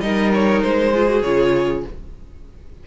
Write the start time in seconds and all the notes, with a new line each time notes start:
0.00 G3 D#4 A#4 D#5
0.34 C#5
0.62 G#3 C5
0.93 F4 G#4
1.08 F#4
1.22 C#3 F4 C#5